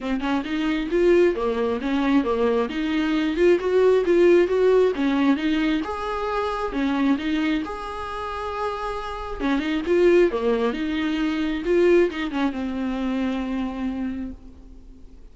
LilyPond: \new Staff \with { instrumentName = "viola" } { \time 4/4 \tempo 4 = 134 c'8 cis'8 dis'4 f'4 ais4 | cis'4 ais4 dis'4. f'8 | fis'4 f'4 fis'4 cis'4 | dis'4 gis'2 cis'4 |
dis'4 gis'2.~ | gis'4 cis'8 dis'8 f'4 ais4 | dis'2 f'4 dis'8 cis'8 | c'1 | }